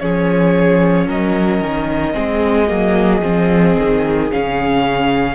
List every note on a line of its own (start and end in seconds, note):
0.00 1.07 F3
0.00 2.13 C#4
0.00 1.07 G#4
0.00 1.08 C#5
1.07 1.61 F#3
1.07 2.14 A#4
1.07 4.31 D#5
1.61 2.14 D#3
2.13 2.70 G#3
2.13 2.67 C4
2.13 5.35 G#4
2.68 3.22 F#3
2.68 3.21 A#3
3.22 3.76 F3
3.22 4.29 C4
3.78 4.32 D#3
4.31 5.35 C#3
4.31 5.35 C#4
4.31 5.35 F5